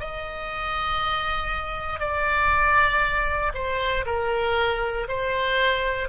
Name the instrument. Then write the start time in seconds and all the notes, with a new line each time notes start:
oboe
0.00 D#5
2.00 D5
3.55 C5
4.06 A#4
5.08 C5